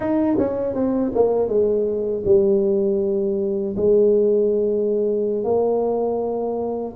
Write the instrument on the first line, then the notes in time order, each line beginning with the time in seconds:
tuba
0.00 D#4
0.38 C#4
0.74 C4
1.15 A#3
1.48 G#3
2.25 G3
3.76 G#3
5.44 A#3